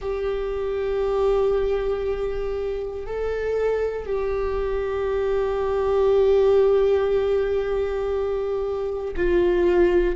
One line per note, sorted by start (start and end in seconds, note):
0.01 3.06 G4
3.06 4.05 A4
4.05 9.14 G4
9.16 10.15 F4